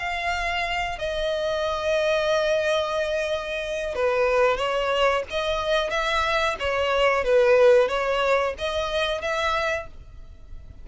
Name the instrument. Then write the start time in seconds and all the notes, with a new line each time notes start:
violin
0.00 F5
0.99 D#5
3.96 B4
4.57 C#5
5.30 D#5
5.91 E5
6.60 C#5
7.25 B4
7.89 C#5
8.59 D#5
9.22 E5